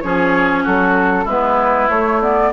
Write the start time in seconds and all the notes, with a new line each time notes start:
0.00 F3 C#4 G#4 C#5
0.63 F#3 F#4 A4
1.24 G#3 B3 E4 B4
1.89 A3 C#5
2.21 B3 D5